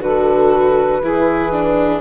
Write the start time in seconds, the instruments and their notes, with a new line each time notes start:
0.00 bassoon D3, viola F#4, saxophone A4, flute B4
1.02 bassoon E3, viola E4, saxophone G#4
1.52 viola D4